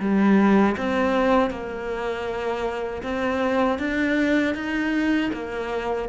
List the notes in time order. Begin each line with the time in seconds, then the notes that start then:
0.00 G3
0.78 C4
1.51 A#3
3.03 C4
3.79 D4
4.55 D#4
5.33 A#3